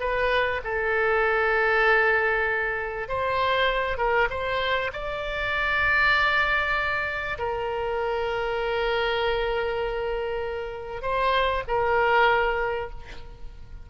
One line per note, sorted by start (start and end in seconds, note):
0.00 0.61 B4
0.64 3.08 A4
3.08 3.98 C5
3.98 4.28 A#4
4.30 4.91 C5
4.93 7.38 D5
7.39 11.02 A#4
11.02 11.64 C5
11.68 12.90 A#4